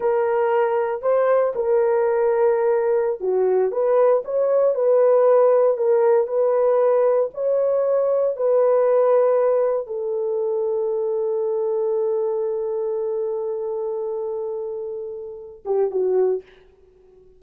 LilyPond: \new Staff \with { instrumentName = "horn" } { \time 4/4 \tempo 4 = 117 ais'2 c''4 ais'4~ | ais'2~ ais'16 fis'4 b'8.~ | b'16 cis''4 b'2 ais'8.~ | ais'16 b'2 cis''4.~ cis''16~ |
cis''16 b'2. a'8.~ | a'1~ | a'1~ | a'2~ a'8 g'8 fis'4 | }